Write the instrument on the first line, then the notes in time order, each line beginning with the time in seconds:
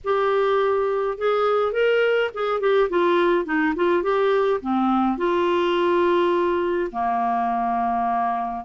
clarinet
0.03 G4
1.17 G#4
1.72 A#4
2.34 G#4
2.60 G4
2.89 F4
3.45 D#4
3.75 F4
4.02 G4
4.61 C4
5.17 F4
6.91 A#3